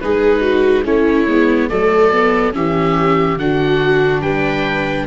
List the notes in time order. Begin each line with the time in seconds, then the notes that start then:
0.00 G#3 D#4 G#4 B4
0.41 F#4
0.84 A3 C#4 E4 C#5
1.27 G#3 B3
1.69 F#3 A3 A4 D5
2.12 B3
2.52 E3 C#4 G4 E5
3.37 D3 D4 F#4 F#5
4.21 G3 B4 G5